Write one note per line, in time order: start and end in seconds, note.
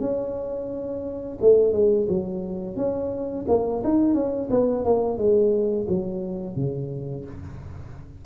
0.00 1.38 C#4
1.40 1.72 A3
1.72 2.07 G#3
2.08 2.76 F#3
2.76 3.45 C#4
3.48 3.82 A#3
3.83 4.14 D#4
4.14 4.49 C#4
4.50 4.84 B3
4.84 5.18 A#3
5.18 5.87 G#3
5.88 6.55 F#3
6.55 7.24 C#3